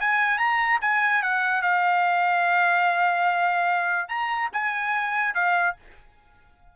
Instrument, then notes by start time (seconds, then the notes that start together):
trumpet
0.00 G#5
0.38 A#5
0.81 G#5
1.23 F#5
1.62 F5
4.08 A#5
4.53 G#5
5.34 F5